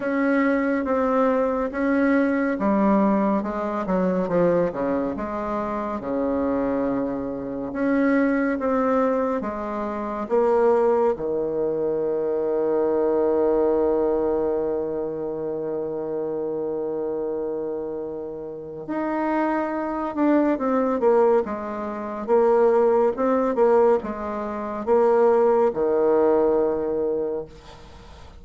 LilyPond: \new Staff \with { instrumentName = "bassoon" } { \time 4/4 \tempo 4 = 70 cis'4 c'4 cis'4 g4 | gis8 fis8 f8 cis8 gis4 cis4~ | cis4 cis'4 c'4 gis4 | ais4 dis2.~ |
dis1~ | dis2 dis'4. d'8 | c'8 ais8 gis4 ais4 c'8 ais8 | gis4 ais4 dis2 | }